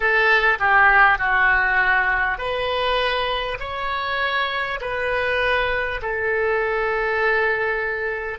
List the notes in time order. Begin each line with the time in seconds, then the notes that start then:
0.00 A4
0.59 G4
1.18 F#4
2.38 B4
3.59 C#5
4.80 B4
6.02 A4